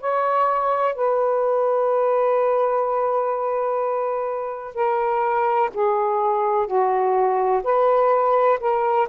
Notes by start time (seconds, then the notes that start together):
0.00 C#5
0.95 B4
4.74 A#4
5.74 G#4
6.67 F#4
7.64 B4
8.60 A#4